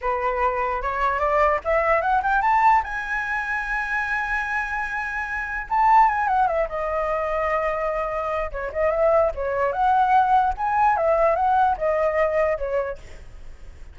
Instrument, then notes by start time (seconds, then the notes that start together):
flute
0.01 B4
0.82 C#5
1.19 D5
1.64 E5
2.01 F#5
2.22 G5
2.41 A5
2.83 G#5
5.69 A5
6.08 G#5
6.27 F#5
6.47 E5
6.69 D#5
8.51 C#5
8.72 D#5
8.90 E5
9.34 C#5
9.72 F#5
10.57 G#5
10.97 E5
11.35 F#5
11.77 D#5
12.57 C#5